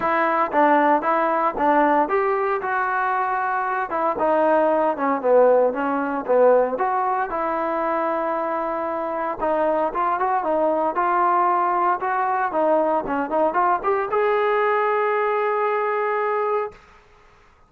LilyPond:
\new Staff \with { instrumentName = "trombone" } { \time 4/4 \tempo 4 = 115 e'4 d'4 e'4 d'4 | g'4 fis'2~ fis'8 e'8 | dis'4. cis'8 b4 cis'4 | b4 fis'4 e'2~ |
e'2 dis'4 f'8 fis'8 | dis'4 f'2 fis'4 | dis'4 cis'8 dis'8 f'8 g'8 gis'4~ | gis'1 | }